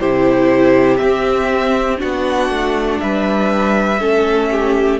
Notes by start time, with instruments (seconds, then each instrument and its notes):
0.00 cello C3, viola E4, violin G4 C5
0.97 viola C4, cello C4, violin E5
1.98 cello B3, viola D4, violin F#4 F#5
2.50 cello A3
3.00 cello G3, violin B4 E5
4.00 cello A3, viola C#4, violin A4
4.51 violin G4